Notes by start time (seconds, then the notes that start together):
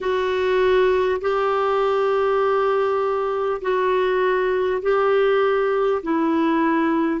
0.01 F#4
1.21 G4
3.61 F#4
4.82 G4
6.02 E4